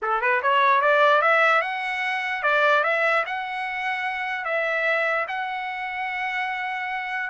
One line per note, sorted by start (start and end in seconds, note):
0.02 0.21 A4
0.21 0.41 B4
0.42 0.81 C#5
0.81 1.21 D5
1.21 1.61 E5
1.61 2.42 F#5
2.43 2.83 D5
2.83 3.24 E5
3.25 4.44 F#5
4.44 5.26 E5
5.27 7.30 F#5